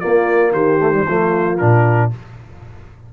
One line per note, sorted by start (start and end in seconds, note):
0.00 0.79 A#3
0.00 0.52 A#3
0.00 0.52 F4
0.00 0.52 D5
0.52 1.04 D#3
0.52 1.05 G4
0.52 1.58 C5
0.79 0.92 A3
0.92 1.06 G3
1.07 1.61 F3
1.07 1.59 A3
1.07 2.11 F4
1.58 2.13 A#2
1.58 2.11 D4
1.58 2.10 A#4